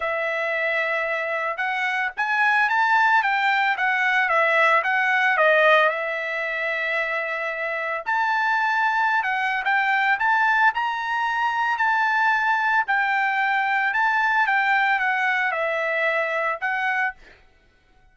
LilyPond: \new Staff \with { instrumentName = "trumpet" } { \time 4/4 \tempo 4 = 112 e''2. fis''4 | gis''4 a''4 g''4 fis''4 | e''4 fis''4 dis''4 e''4~ | e''2. a''4~ |
a''4~ a''16 fis''8. g''4 a''4 | ais''2 a''2 | g''2 a''4 g''4 | fis''4 e''2 fis''4 | }